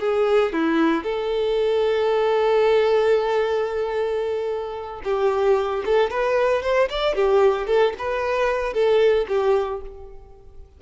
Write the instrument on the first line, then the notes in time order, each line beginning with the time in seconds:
violin
0.00 G#4
0.53 E4
1.04 A4
5.04 G4
5.86 A4
6.11 B4
6.63 C5
6.90 D5
7.16 G4
7.67 A4
7.99 B4
8.74 A4
9.29 G4